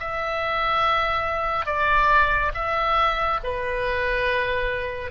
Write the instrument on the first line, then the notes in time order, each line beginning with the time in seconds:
oboe
0.00 E5
1.66 D5
2.54 E5
3.44 B4